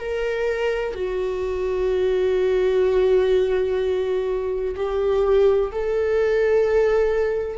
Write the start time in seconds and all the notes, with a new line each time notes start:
0.00 A#4
0.95 F#4
4.77 G4
5.72 A4